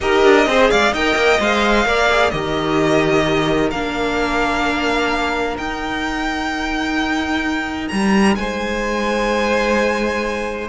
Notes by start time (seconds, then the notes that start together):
0.00 D#4 G4 A#4 D#5
0.24 D4
0.45 C4 G#4 C5
0.70 G#3 D5 F5
0.92 D#4 A#4 D#5 G5
1.15 A#3
1.39 G#3 C5 F5
1.85 A#3 A#4 D5
2.10 G#4
2.30 D#3 G4 A#4 D#5
3.70 A#3 D4 F5
5.57 D#4 G5
7.88 G3 A#5
8.35 G#3 C5 G#5